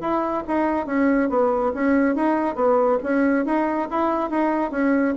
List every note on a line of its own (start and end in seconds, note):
0.00 0.43 E4
0.47 0.86 D#4
0.86 1.29 C#4
1.29 1.72 B3
1.74 2.15 C#4
2.15 2.55 D#4
2.55 2.98 B3
3.03 3.45 C#4
3.45 3.88 D#4
3.90 4.30 E4
4.30 4.71 D#4
4.71 5.14 C#4